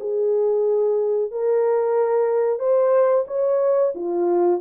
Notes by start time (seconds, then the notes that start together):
0.00 G#4
1.31 A#4
2.59 C5
3.27 C#5
3.95 F4